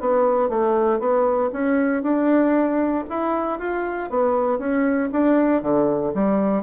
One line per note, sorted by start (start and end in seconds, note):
0.00 0.49 B3
0.49 0.99 A3
0.99 1.50 B3
1.53 2.03 C#4
2.03 3.04 D4
3.09 3.59 E4
3.59 4.10 F4
4.10 4.58 B3
4.58 5.09 C#4
5.12 5.62 D4
5.62 6.13 D3
6.14 6.63 G3